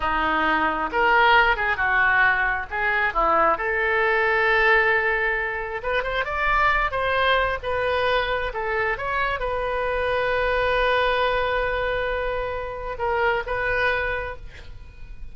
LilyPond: \new Staff \with { instrumentName = "oboe" } { \time 4/4 \tempo 4 = 134 dis'2 ais'4. gis'8 | fis'2 gis'4 e'4 | a'1~ | a'4 b'8 c''8 d''4. c''8~ |
c''4 b'2 a'4 | cis''4 b'2.~ | b'1~ | b'4 ais'4 b'2 | }